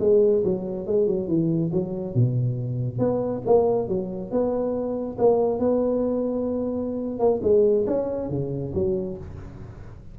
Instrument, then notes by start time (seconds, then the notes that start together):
tuba
0.00 G#3
0.45 F#3
0.87 G#3
1.07 F#3
1.28 E3
1.73 F#3
2.15 B2
2.99 B3
3.46 A#3
3.88 F#3
4.31 B3
5.19 A#3
5.60 B3
7.20 A#3
7.43 G#3
7.87 C#4
8.30 C#3
8.75 F#3